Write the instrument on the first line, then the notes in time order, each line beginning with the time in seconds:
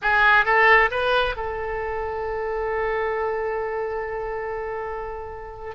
oboe
0.01 G#4
0.45 A4
0.90 B4
1.36 A4